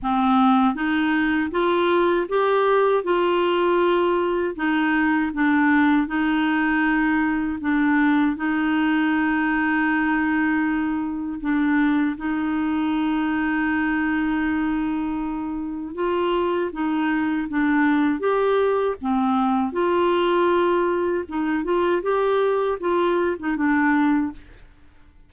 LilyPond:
\new Staff \with { instrumentName = "clarinet" } { \time 4/4 \tempo 4 = 79 c'4 dis'4 f'4 g'4 | f'2 dis'4 d'4 | dis'2 d'4 dis'4~ | dis'2. d'4 |
dis'1~ | dis'4 f'4 dis'4 d'4 | g'4 c'4 f'2 | dis'8 f'8 g'4 f'8. dis'16 d'4 | }